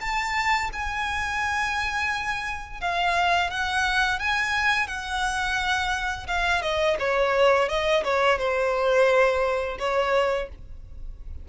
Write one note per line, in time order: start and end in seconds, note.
0.00 0.70 A5
0.72 2.80 G#5
2.80 3.50 F5
3.50 4.19 F#5
4.19 4.87 G#5
4.87 6.26 F#5
6.27 6.62 F5
6.62 6.96 D#5
6.99 7.68 C#5
7.68 8.03 D#5
8.04 8.38 C#5
8.38 9.77 C5
9.79 10.48 C#5